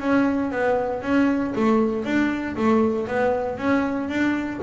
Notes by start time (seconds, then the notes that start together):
0.00 C#4
0.52 B3
1.02 C#4
1.55 A3
2.05 D4
2.56 A3
3.08 B3
3.58 C#4
4.09 D4